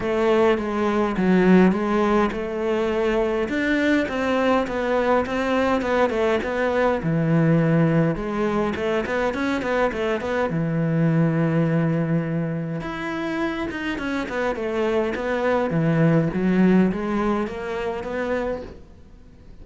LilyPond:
\new Staff \with { instrumentName = "cello" } { \time 4/4 \tempo 4 = 103 a4 gis4 fis4 gis4 | a2 d'4 c'4 | b4 c'4 b8 a8 b4 | e2 gis4 a8 b8 |
cis'8 b8 a8 b8 e2~ | e2 e'4. dis'8 | cis'8 b8 a4 b4 e4 | fis4 gis4 ais4 b4 | }